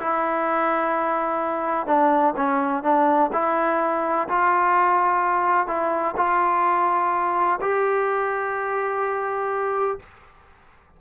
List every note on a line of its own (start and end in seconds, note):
0.00 1.87 E4
1.87 2.35 D4
2.37 2.84 C#4
2.84 3.31 D4
3.33 4.29 E4
4.29 5.68 F4
5.68 6.15 E4
6.17 7.60 F4
7.62 10.00 G4